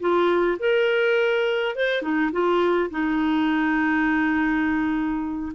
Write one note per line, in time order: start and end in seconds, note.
0.00 0.58 F4
0.59 1.76 A#4
1.76 2.02 C5
2.02 2.31 D#4
2.32 2.90 F4
2.90 5.53 D#4